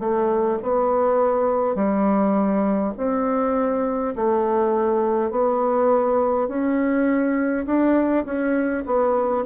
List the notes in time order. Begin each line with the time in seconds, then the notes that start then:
0.00 A3
0.63 B3
1.75 G3
2.97 C4
4.16 A3
5.31 B3
6.48 C#4
7.66 D4
8.26 C#4
8.87 B3